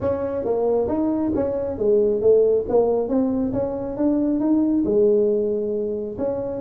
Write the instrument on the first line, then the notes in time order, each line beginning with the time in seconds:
tuba
0.00 C#4
0.44 A#3
0.87 D#4
1.35 C#4
1.78 G#3
2.21 A3
2.69 A#3
3.08 C4
3.53 C#4
3.96 D4
4.40 D#4
4.84 G#3
6.17 C#4